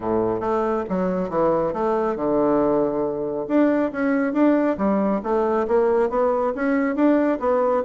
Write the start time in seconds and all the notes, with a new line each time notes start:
0.00 A2
0.40 A3
0.89 F#3
1.29 E3
1.73 A3
2.15 D3
3.48 D4
3.92 C#4
4.33 D4
4.77 G3
5.23 A3
5.67 A#3
6.09 B3
6.55 C#4
6.95 D4
7.39 B3